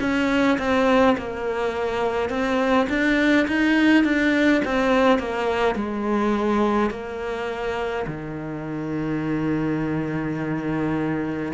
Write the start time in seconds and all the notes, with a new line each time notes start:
0.00 C#4
0.58 C4
1.17 A#3
2.29 C4
2.89 D4
3.47 D#4
4.04 D4
4.65 C4
5.19 A#3
5.75 G#3
6.90 A#3
8.07 D#3